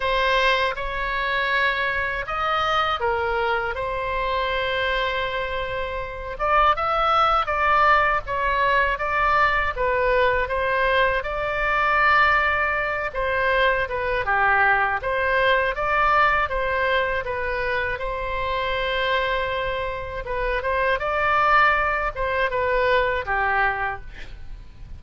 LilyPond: \new Staff \with { instrumentName = "oboe" } { \time 4/4 \tempo 4 = 80 c''4 cis''2 dis''4 | ais'4 c''2.~ | c''8 d''8 e''4 d''4 cis''4 | d''4 b'4 c''4 d''4~ |
d''4. c''4 b'8 g'4 | c''4 d''4 c''4 b'4 | c''2. b'8 c''8 | d''4. c''8 b'4 g'4 | }